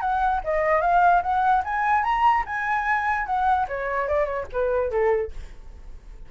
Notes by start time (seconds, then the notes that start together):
0.00 F#5
0.43 D#5
0.81 F5
1.22 F#5
1.64 G#5
2.03 A#5
2.46 G#5
3.26 F#5
3.68 C#5
4.08 D5
4.25 C#5
4.52 B4
4.91 A4